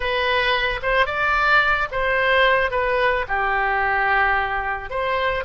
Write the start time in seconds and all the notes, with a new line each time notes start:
0.00 B4
0.82 C5
1.06 D5
1.91 C5
2.70 B4
3.28 G4
4.90 C5